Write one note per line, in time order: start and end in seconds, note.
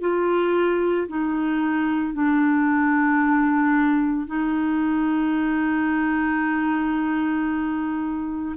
0.00 1.07 F4
1.08 2.13 D#4
2.13 4.27 D4
4.27 8.55 D#4